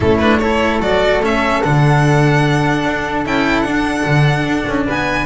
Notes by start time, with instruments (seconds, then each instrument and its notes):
0.00 double bass A3, cello C#4, flute E4, violin A4
0.18 cello D4, violin B4
0.39 cello E4, flute A4, violin C#5
0.79 double bass F#3, cello F#4, violin D5
1.20 double bass A3, cello C#4, violin E5
1.63 double bass D3, cello D4, violin F#5
2.85 double bass D4
3.25 double bass C#4, cello E4, violin G5
3.61 double bass D4, cello D4, violin F#5
4.05 double bass D3
4.45 double bass D4
4.67 double bass C#4
4.85 double bass B3, flute B4, violin G#5